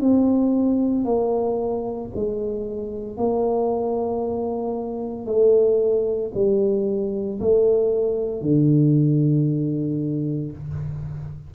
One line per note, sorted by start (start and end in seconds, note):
0.00 1.04 C4
1.04 2.10 A#3
2.15 3.17 G#3
3.17 5.26 A#3
5.26 6.31 A3
6.34 7.39 G3
7.40 8.41 A3
8.41 10.52 D3